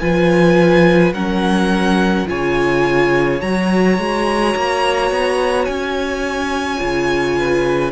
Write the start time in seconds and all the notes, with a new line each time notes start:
0.00 F3 F4 B4 G#5
1.13 F#3 C#4 A#4 F#5
2.27 C#3 F4 C#5 G#5
3.42 F#3 F#4 A#5
3.99 G#3
4.57 A#3
5.11 B3
5.65 C#4 G#5
6.78 C#3 F4
7.39 B4